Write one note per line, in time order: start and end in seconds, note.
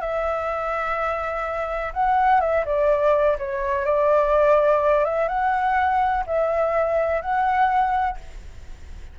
0.00 1.92 E5
1.93 2.40 F#5
2.40 2.64 E5
2.65 3.37 D5
3.38 3.85 C#5
3.85 5.04 D5
5.04 5.28 E5
5.28 6.24 F#5
6.26 7.21 E5
7.21 8.17 F#5